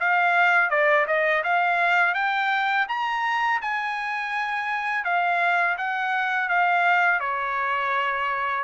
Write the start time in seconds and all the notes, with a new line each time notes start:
0.00 F5
0.70 D5
1.07 D#5
1.43 F5
2.14 G5
2.88 A#5
3.61 G#5
5.04 F5
5.77 F#5
6.49 F5
7.20 C#5